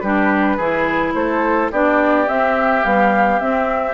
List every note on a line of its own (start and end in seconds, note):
0.00 0.58 G3
0.00 0.59 D4
0.00 0.57 G4
0.00 1.12 B4
0.57 1.14 E3
0.57 1.72 E4
0.57 1.13 G#4
1.14 1.70 A3
1.14 1.72 A4
1.14 1.70 C5
1.72 2.28 B3
1.72 2.27 D4
1.72 3.94 G4
1.72 2.28 D5
2.27 2.82 C4
2.27 2.84 C4
2.27 2.84 E5
2.82 3.39 G3
2.82 3.40 B3
2.82 3.39 F5
3.39 3.94 C4
3.39 3.94 E5